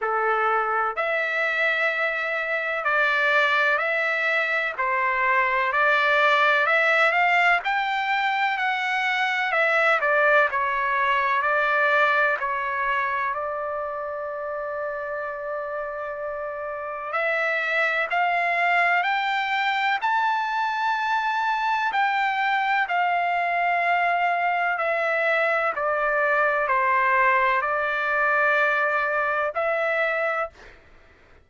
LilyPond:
\new Staff \with { instrumentName = "trumpet" } { \time 4/4 \tempo 4 = 63 a'4 e''2 d''4 | e''4 c''4 d''4 e''8 f''8 | g''4 fis''4 e''8 d''8 cis''4 | d''4 cis''4 d''2~ |
d''2 e''4 f''4 | g''4 a''2 g''4 | f''2 e''4 d''4 | c''4 d''2 e''4 | }